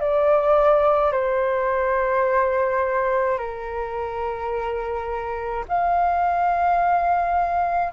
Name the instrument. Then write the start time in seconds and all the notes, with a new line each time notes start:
flute
0.00 D5
1.12 C5
3.38 A#4
5.68 F5